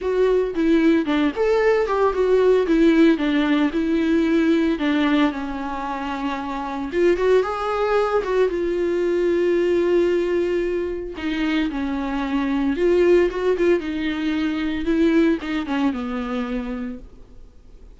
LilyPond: \new Staff \with { instrumentName = "viola" } { \time 4/4 \tempo 4 = 113 fis'4 e'4 d'8 a'4 g'8 | fis'4 e'4 d'4 e'4~ | e'4 d'4 cis'2~ | cis'4 f'8 fis'8 gis'4. fis'8 |
f'1~ | f'4 dis'4 cis'2 | f'4 fis'8 f'8 dis'2 | e'4 dis'8 cis'8 b2 | }